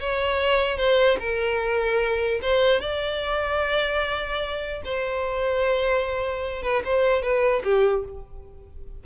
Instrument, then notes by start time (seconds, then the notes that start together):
violin
0.00 C#5
0.77 C5
1.20 A#4
2.42 C5
2.81 D5
4.85 C5
6.63 B4
6.85 C5
7.22 B4
7.64 G4